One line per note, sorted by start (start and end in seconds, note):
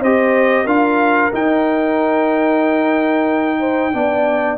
0.00 0.66 C4
0.00 0.67 G4
0.00 0.65 C5
0.00 0.67 D#5
0.65 1.31 D4
0.65 1.32 F4
0.65 3.58 A#4
0.65 1.32 F5
1.33 3.93 D#4
1.33 3.94 D#4
1.33 4.58 G5
3.60 3.92 C5
3.93 4.58 B3
3.93 4.58 D4
3.93 4.58 D5